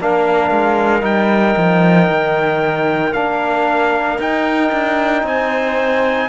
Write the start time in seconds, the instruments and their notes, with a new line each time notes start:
0.00 cello A#3, trombone D4, clarinet A#4, trumpet F5
0.51 cello G#3
1.00 cello G3, trombone D#4, trumpet G5
1.57 cello F3
2.09 cello D#3
3.13 cello A#3, trombone D4, trumpet F5
4.18 cello D#4, trombone D#4, trumpet G5
4.72 cello D4
5.23 cello C4, clarinet C5, trumpet G#5